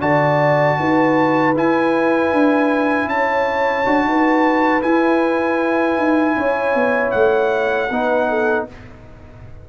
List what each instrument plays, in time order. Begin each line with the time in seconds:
0.00 tuba D3, trombone F#4, horn D5, trumpet A5
0.79 tuba D#4, horn B4
1.55 trombone E4, tuba E4, trumpet G#5
2.32 tuba D4
3.06 tuba C#4, horn C#5, trumpet A5
3.85 tuba D4, trombone F#4
4.04 tuba D#4, horn B4
4.82 trombone E4, tuba E4, trumpet G#5
5.96 tuba D#4
6.36 tuba C#4, horn C#5
6.74 tuba B3
7.11 tuba A3, trumpet F#5
7.90 tuba B3, trombone D#4, horn B4
8.29 horn A4